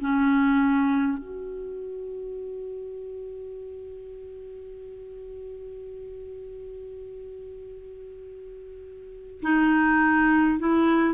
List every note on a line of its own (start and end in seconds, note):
0.00 1.18 C#4
1.18 9.41 F#4
9.42 10.59 D#4
10.59 11.14 E4